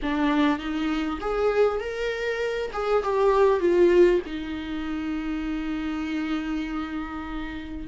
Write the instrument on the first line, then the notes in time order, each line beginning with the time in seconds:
viola
0.02 D4
0.58 D#4
1.20 G#4
1.80 A#4
2.72 G#4
3.03 G4
3.60 F4
4.26 D#4